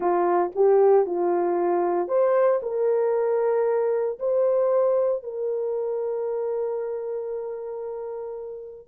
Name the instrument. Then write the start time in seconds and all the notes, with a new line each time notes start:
horn
0.00 F4
0.55 G4
1.06 F4
2.08 C5
2.62 A#4
4.19 C5
5.23 A#4